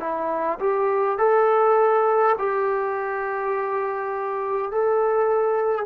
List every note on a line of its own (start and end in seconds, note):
0.00 0.59 E4
0.59 1.18 G4
1.18 2.36 A4
2.39 4.72 G4
4.72 5.86 A4